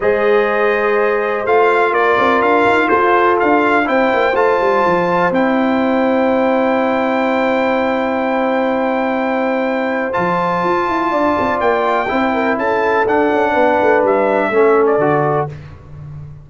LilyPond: <<
  \new Staff \with { instrumentName = "trumpet" } { \time 4/4 \tempo 4 = 124 dis''2. f''4 | d''4 f''4 c''4 f''4 | g''4 a''2 g''4~ | g''1~ |
g''1~ | g''4 a''2. | g''2 a''4 fis''4~ | fis''4 e''4.~ e''16 d''4~ d''16 | }
  \new Staff \with { instrumentName = "horn" } { \time 4/4 c''1 | ais'2 a'2 | c''1~ | c''1~ |
c''1~ | c''2. d''4~ | d''4 c''8 ais'8 a'2 | b'2 a'2 | }
  \new Staff \with { instrumentName = "trombone" } { \time 4/4 gis'2. f'4~ | f'1 | e'4 f'2 e'4~ | e'1~ |
e'1~ | e'4 f'2.~ | f'4 e'2 d'4~ | d'2 cis'4 fis'4 | }
  \new Staff \with { instrumentName = "tuba" } { \time 4/4 gis2. a4 | ais8 c'8 d'8 dis'8 f'4 d'4 | c'8 ais8 a8 g8 f4 c'4~ | c'1~ |
c'1~ | c'4 f4 f'8 e'8 d'8 c'8 | ais4 c'4 cis'4 d'8 cis'8 | b8 a8 g4 a4 d4 | }
>>